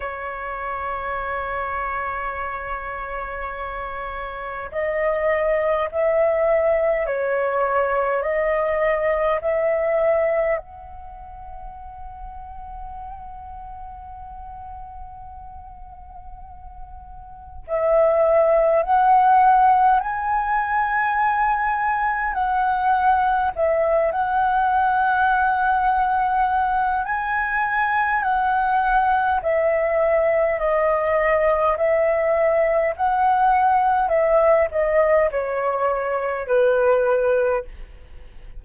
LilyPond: \new Staff \with { instrumentName = "flute" } { \time 4/4 \tempo 4 = 51 cis''1 | dis''4 e''4 cis''4 dis''4 | e''4 fis''2.~ | fis''2. e''4 |
fis''4 gis''2 fis''4 | e''8 fis''2~ fis''8 gis''4 | fis''4 e''4 dis''4 e''4 | fis''4 e''8 dis''8 cis''4 b'4 | }